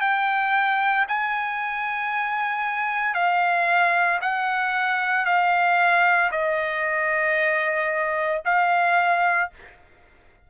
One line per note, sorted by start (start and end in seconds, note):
0.00 1.05 G5
1.08 3.13 G#5
3.13 4.19 F5
4.21 5.25 F#5
5.25 6.30 F5
6.31 8.42 D#5
8.44 9.50 F5